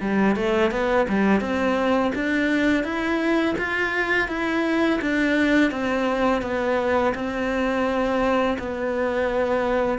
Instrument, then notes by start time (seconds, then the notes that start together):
cello
0.00 G3
0.36 A3
0.71 B3
1.08 G3
1.40 C4
2.15 D4
2.83 E4
3.58 F4
4.28 E4
5.01 D4
5.71 C4
6.42 B3
7.14 C4
8.58 B3